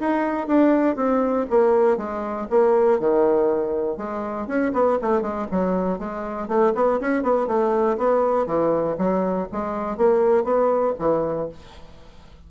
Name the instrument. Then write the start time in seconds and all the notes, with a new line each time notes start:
bassoon
0.00 D#4
0.47 D4
0.96 C4
1.50 A#3
1.97 G#3
2.50 A#3
3.00 D#3
3.97 G#3
4.47 C#4
4.73 B3
5.02 A3
5.22 G#3
5.51 F#3
5.99 G#3
6.48 A3
6.75 B3
7.00 C#4
7.23 B3
7.47 A3
7.97 B3
8.46 E3
8.98 F#3
9.52 G#3
9.97 A#3
10.44 B3
10.99 E3